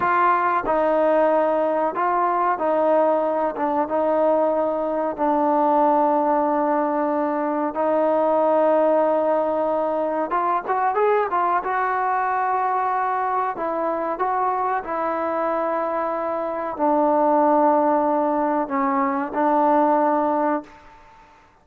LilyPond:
\new Staff \with { instrumentName = "trombone" } { \time 4/4 \tempo 4 = 93 f'4 dis'2 f'4 | dis'4. d'8 dis'2 | d'1 | dis'1 |
f'8 fis'8 gis'8 f'8 fis'2~ | fis'4 e'4 fis'4 e'4~ | e'2 d'2~ | d'4 cis'4 d'2 | }